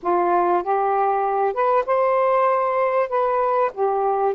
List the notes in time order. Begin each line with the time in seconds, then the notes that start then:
0.02 F4
0.63 G4
1.53 B4
1.86 C5
3.09 B4
3.73 G4